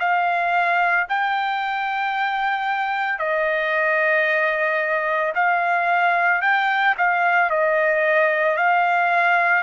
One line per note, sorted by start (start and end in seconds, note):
0.00 1.07 F5
1.09 3.19 G5
3.19 5.33 D#5
5.35 6.42 F5
6.42 6.95 G5
6.97 7.50 F5
7.50 8.57 D#5
8.57 9.63 F5